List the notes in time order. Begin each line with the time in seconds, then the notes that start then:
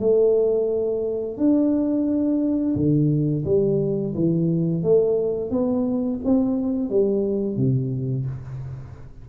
0.00 A3
1.38 D4
2.76 D3
3.45 G3
4.15 E3
4.83 A3
5.51 B3
6.25 C4
6.90 G3
7.57 C3